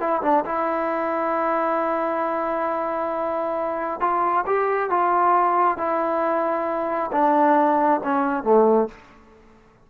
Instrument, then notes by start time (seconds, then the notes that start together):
trombone
0.00 E4
0.22 D4
0.46 E4
4.01 F4
4.47 G4
4.90 F4
5.78 E4
7.12 D4
8.04 C#4
8.44 A3